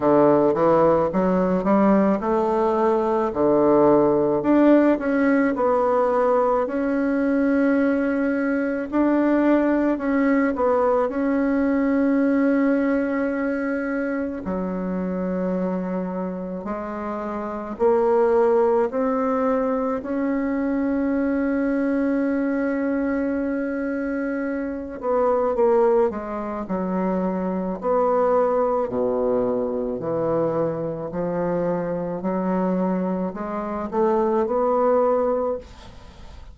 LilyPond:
\new Staff \with { instrumentName = "bassoon" } { \time 4/4 \tempo 4 = 54 d8 e8 fis8 g8 a4 d4 | d'8 cis'8 b4 cis'2 | d'4 cis'8 b8 cis'2~ | cis'4 fis2 gis4 |
ais4 c'4 cis'2~ | cis'2~ cis'8 b8 ais8 gis8 | fis4 b4 b,4 e4 | f4 fis4 gis8 a8 b4 | }